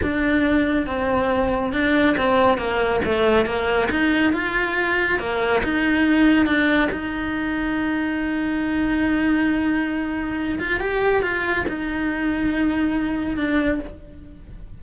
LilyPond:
\new Staff \with { instrumentName = "cello" } { \time 4/4 \tempo 4 = 139 d'2 c'2 | d'4 c'4 ais4 a4 | ais4 dis'4 f'2 | ais4 dis'2 d'4 |
dis'1~ | dis'1~ | dis'8 f'8 g'4 f'4 dis'4~ | dis'2. d'4 | }